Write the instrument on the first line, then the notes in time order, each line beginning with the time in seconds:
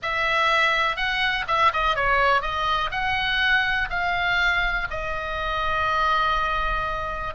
oboe
0.02 E5
0.96 F#5
1.47 E5
1.73 D#5
1.95 C#5
2.41 D#5
2.91 F#5
3.90 F5
4.90 D#5